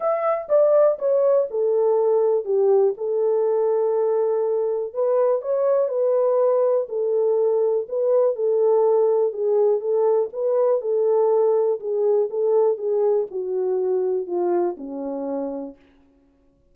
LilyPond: \new Staff \with { instrumentName = "horn" } { \time 4/4 \tempo 4 = 122 e''4 d''4 cis''4 a'4~ | a'4 g'4 a'2~ | a'2 b'4 cis''4 | b'2 a'2 |
b'4 a'2 gis'4 | a'4 b'4 a'2 | gis'4 a'4 gis'4 fis'4~ | fis'4 f'4 cis'2 | }